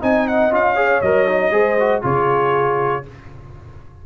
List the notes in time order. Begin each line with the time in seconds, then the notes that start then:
0.00 C4 D#4 D#5 G#5
0.28 F#5
0.51 C#4 F4 F5
0.74 G#4 C#5
1.01 F#3 A#4 D#5
1.28 D#4
1.51 G#3 G#4 C5
1.79 F#4
2.02 C#3 F4 G#4 C#5